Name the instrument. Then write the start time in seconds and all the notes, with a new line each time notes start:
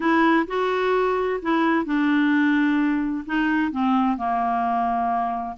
clarinet
0.00 E4
0.47 F#4
1.42 E4
1.85 D4
3.26 D#4
3.71 C4
4.17 A#3